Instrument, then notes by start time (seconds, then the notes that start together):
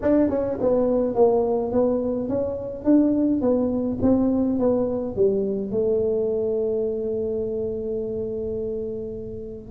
tuba
0.02 D4
0.29 C#4
0.60 B3
1.15 A#3
1.72 B3
2.29 C#4
2.84 D4
3.41 B3
4.02 C4
4.59 B3
5.16 G3
5.71 A3